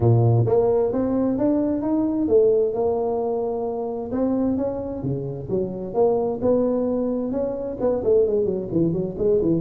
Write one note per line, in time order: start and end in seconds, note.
0.00 0.46 A#2
0.46 0.92 A#3
0.92 1.38 C4
1.38 1.82 D4
1.82 2.28 D#4
2.28 2.73 A3
2.73 4.11 A#3
4.11 4.57 C4
4.57 5.02 C#4
5.02 5.48 C#3
5.49 5.94 F#3
5.94 6.40 A#3
6.41 7.31 B3
7.31 7.77 C#4
7.80 8.03 B3
8.04 8.27 A3
8.27 8.45 G#3
8.45 8.68 F#3
8.71 8.92 E3
8.92 9.15 F#3
9.17 9.40 G#3
9.41 9.60 E3